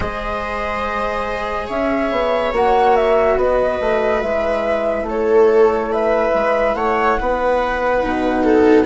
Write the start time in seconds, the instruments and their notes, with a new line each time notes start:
0.00 bassoon G#3, cello G#4, viola C5, flute D#5
1.66 bassoon C#4, viola C#5, flute E5
2.11 bassoon B3
2.52 bassoon A#3, cello F#4, flute F#5
2.96 flute E5
3.36 bassoon B3, viola B4, flute D#5
3.80 bassoon A3
4.21 bassoon G#3, cello E4, flute E5
5.02 bassoon A3, flute C#5
5.09 viola A4
5.92 viola B4, flute E5
6.34 bassoon G#3
6.74 bassoon A3, viola C#5, flute F#5
7.20 bassoon B3, viola B4
8.02 bassoon B2, cello D#4
8.43 viola A4